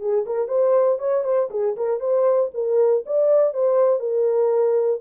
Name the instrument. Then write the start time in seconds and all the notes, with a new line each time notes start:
horn
0.00 G#4
0.26 A#4
0.48 C5
0.99 C#5
1.24 C5
1.50 G#4
1.76 A#4
2.00 C5
2.54 A#4
3.06 D5
3.54 C5
3.99 A#4